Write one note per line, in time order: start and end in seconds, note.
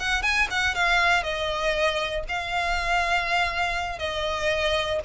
0.00 0.22 F#5
0.22 0.48 G#5
0.51 0.75 F#5
0.75 1.23 F5
1.23 2.24 D#5
2.29 3.99 F5
3.99 5.00 D#5